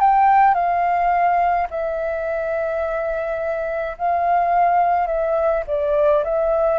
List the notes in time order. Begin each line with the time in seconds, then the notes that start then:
0.00 G5
0.54 F5
1.70 E5
3.98 F5
5.07 E5
5.67 D5
6.24 E5